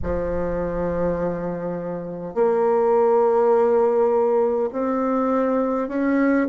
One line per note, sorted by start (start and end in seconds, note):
0.02 2.34 F3
2.34 4.69 A#3
4.72 5.88 C4
5.88 6.47 C#4